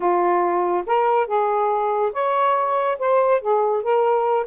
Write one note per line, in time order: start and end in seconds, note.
0.00 0.84 F4
0.86 1.26 A#4
1.26 2.12 G#4
2.13 2.98 C#5
2.98 3.41 C5
3.41 3.82 G#4
3.82 4.46 A#4